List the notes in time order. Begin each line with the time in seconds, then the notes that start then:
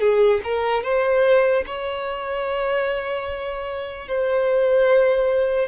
0.00 G#4
0.43 A#4
0.83 C5
1.67 C#5
4.08 C5